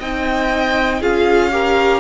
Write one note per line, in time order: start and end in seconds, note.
0.00 1.02 C4
0.00 1.02 D#4
0.00 1.01 D#5
0.00 1.03 G5
1.01 2.01 C#4
1.01 1.52 F4
1.01 1.52 G#4
1.01 2.01 F5
1.52 2.01 G4
1.52 2.01 A#4